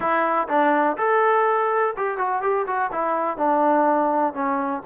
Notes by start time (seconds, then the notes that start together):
0.00 E4
0.48 D4
0.97 A4
1.96 G4
2.17 F#4
2.41 G4
2.66 F#4
2.91 E4
3.37 D4
4.33 C#4